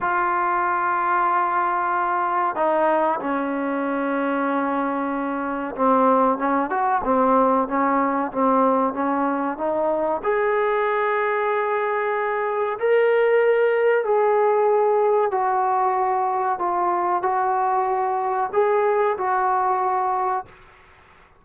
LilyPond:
\new Staff \with { instrumentName = "trombone" } { \time 4/4 \tempo 4 = 94 f'1 | dis'4 cis'2.~ | cis'4 c'4 cis'8 fis'8 c'4 | cis'4 c'4 cis'4 dis'4 |
gis'1 | ais'2 gis'2 | fis'2 f'4 fis'4~ | fis'4 gis'4 fis'2 | }